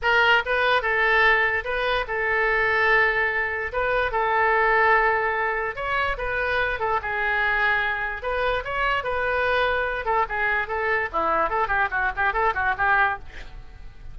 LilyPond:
\new Staff \with { instrumentName = "oboe" } { \time 4/4 \tempo 4 = 146 ais'4 b'4 a'2 | b'4 a'2.~ | a'4 b'4 a'2~ | a'2 cis''4 b'4~ |
b'8 a'8 gis'2. | b'4 cis''4 b'2~ | b'8 a'8 gis'4 a'4 e'4 | a'8 g'8 fis'8 g'8 a'8 fis'8 g'4 | }